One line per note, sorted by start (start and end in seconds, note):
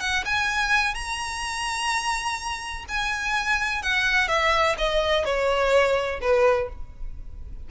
0.00 0.24 F#5
0.25 0.94 G#5
0.94 2.84 A#5
2.88 3.82 G#5
3.82 4.27 F#5
4.27 4.75 E5
4.78 5.25 D#5
5.25 6.20 C#5
6.21 6.69 B4